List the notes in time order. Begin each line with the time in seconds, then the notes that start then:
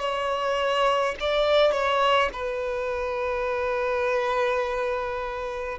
0.00 C#5
1.21 D5
1.72 C#5
2.33 B4